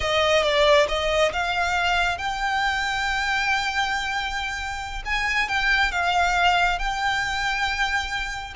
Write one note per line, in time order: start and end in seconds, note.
0.00 0.43 D#5
0.43 0.86 D5
0.88 1.32 D#5
1.32 2.18 F5
2.18 5.02 G5
5.05 5.48 G#5
5.48 5.91 G5
5.91 6.79 F5
6.79 8.54 G5